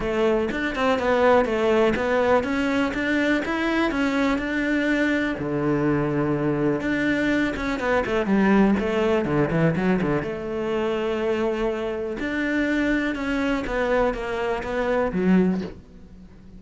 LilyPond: \new Staff \with { instrumentName = "cello" } { \time 4/4 \tempo 4 = 123 a4 d'8 c'8 b4 a4 | b4 cis'4 d'4 e'4 | cis'4 d'2 d4~ | d2 d'4. cis'8 |
b8 a8 g4 a4 d8 e8 | fis8 d8 a2.~ | a4 d'2 cis'4 | b4 ais4 b4 fis4 | }